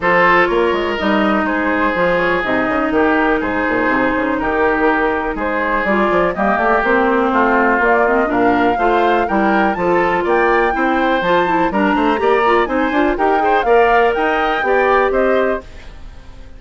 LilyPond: <<
  \new Staff \with { instrumentName = "flute" } { \time 4/4 \tempo 4 = 123 c''4 cis''4 dis''4 c''4~ | c''8 cis''8 dis''4 ais'4 c''4~ | c''4 ais'2 c''4 | d''4 dis''8 d''8 c''2 |
d''8 dis''8 f''2 g''4 | a''4 g''2 a''4 | ais''2 gis''4 g''4 | f''4 g''2 dis''4 | }
  \new Staff \with { instrumentName = "oboe" } { \time 4/4 a'4 ais'2 gis'4~ | gis'2 g'4 gis'4~ | gis'4 g'2 gis'4~ | gis'4 g'2 f'4~ |
f'4 ais'4 c''4 ais'4 | a'4 d''4 c''2 | ais'8 c''8 d''4 c''4 ais'8 c''8 | d''4 dis''4 d''4 c''4 | }
  \new Staff \with { instrumentName = "clarinet" } { \time 4/4 f'2 dis'2 | f'4 dis'2.~ | dis'1 | f'4 ais4 c'2 |
ais8 c'8 d'4 f'4 e'4 | f'2 e'4 f'8 e'8 | d'4 g'8 f'8 dis'8 f'8 g'8 gis'8 | ais'2 g'2 | }
  \new Staff \with { instrumentName = "bassoon" } { \time 4/4 f4 ais8 gis8 g4 gis4 | f4 c8 cis8 dis4 gis,8 ais,8 | c8 cis8 dis2 gis4 | g8 f8 g8 a8 ais4 a4 |
ais4 ais,4 a4 g4 | f4 ais4 c'4 f4 | g8 a8 ais4 c'8 d'8 dis'4 | ais4 dis'4 b4 c'4 | }
>>